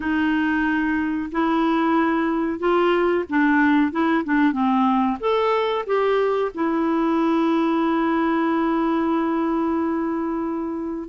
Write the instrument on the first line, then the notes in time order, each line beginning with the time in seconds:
clarinet
0.00 D#4
1.31 E4
2.59 F4
3.29 D4
3.91 E4
4.24 D4
4.52 C4
5.20 A4
5.86 G4
6.54 E4